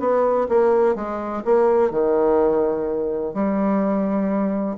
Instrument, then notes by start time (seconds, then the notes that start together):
bassoon
0.00 B3
0.49 A#3
0.95 G#3
1.45 A#3
1.91 D#3
3.34 G3